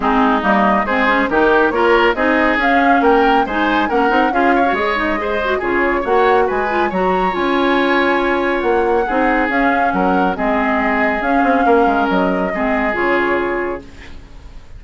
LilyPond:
<<
  \new Staff \with { instrumentName = "flute" } { \time 4/4 \tempo 4 = 139 gis'4 dis''4 c''4 ais'4 | cis''4 dis''4 f''4 g''4 | gis''4 fis''4 f''4 dis''4~ | dis''4 cis''4 fis''4 gis''4 |
ais''4 gis''2. | fis''2 f''4 fis''4 | dis''2 f''2 | dis''2 cis''2 | }
  \new Staff \with { instrumentName = "oboe" } { \time 4/4 dis'2 gis'4 g'4 | ais'4 gis'2 ais'4 | c''4 ais'4 gis'8 cis''4. | c''4 gis'4 cis''4 b'4 |
cis''1~ | cis''4 gis'2 ais'4 | gis'2. ais'4~ | ais'4 gis'2. | }
  \new Staff \with { instrumentName = "clarinet" } { \time 4/4 c'4 ais4 c'8 cis'8 dis'4 | f'4 dis'4 cis'2 | dis'4 cis'8 dis'8 f'8. fis'16 gis'8 dis'8 | gis'8 fis'8 f'4 fis'4. f'8 |
fis'4 f'2.~ | f'4 dis'4 cis'2 | c'2 cis'2~ | cis'4 c'4 f'2 | }
  \new Staff \with { instrumentName = "bassoon" } { \time 4/4 gis4 g4 gis4 dis4 | ais4 c'4 cis'4 ais4 | gis4 ais8 c'8 cis'4 gis4~ | gis4 cis4 ais4 gis4 |
fis4 cis'2. | ais4 c'4 cis'4 fis4 | gis2 cis'8 c'8 ais8 gis8 | fis4 gis4 cis2 | }
>>